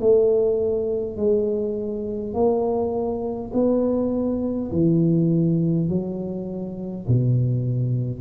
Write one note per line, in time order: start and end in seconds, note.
0.00 1.17 A3
1.17 2.34 G#3
2.34 3.52 A#3
3.53 4.71 B3
4.72 5.89 E3
5.89 7.07 F#3
7.08 8.21 B2